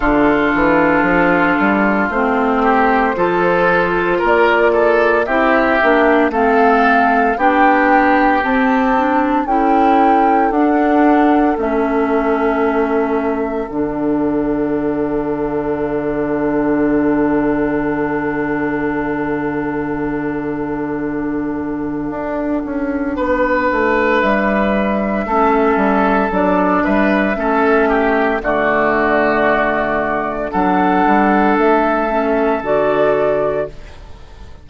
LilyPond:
<<
  \new Staff \with { instrumentName = "flute" } { \time 4/4 \tempo 4 = 57 a'2 c''2 | d''4 e''4 f''4 g''4 | a''4 g''4 fis''4 e''4~ | e''4 fis''2.~ |
fis''1~ | fis''2. e''4~ | e''4 d''8 e''4. d''4~ | d''4 fis''4 e''4 d''4 | }
  \new Staff \with { instrumentName = "oboe" } { \time 4/4 f'2~ f'8 g'8 a'4 | ais'8 a'8 g'4 a'4 g'4~ | g'4 a'2.~ | a'1~ |
a'1~ | a'2 b'2 | a'4. b'8 a'8 g'8 fis'4~ | fis'4 a'2. | }
  \new Staff \with { instrumentName = "clarinet" } { \time 4/4 d'2 c'4 f'4~ | f'4 e'8 d'8 c'4 d'4 | c'8 d'8 e'4 d'4 cis'4~ | cis'4 d'2.~ |
d'1~ | d'1 | cis'4 d'4 cis'4 a4~ | a4 d'4. cis'8 fis'4 | }
  \new Staff \with { instrumentName = "bassoon" } { \time 4/4 d8 e8 f8 g8 a4 f4 | ais4 c'8 ais8 a4 b4 | c'4 cis'4 d'4 a4~ | a4 d2.~ |
d1~ | d4 d'8 cis'8 b8 a8 g4 | a8 g8 fis8 g8 a4 d4~ | d4 fis8 g8 a4 d4 | }
>>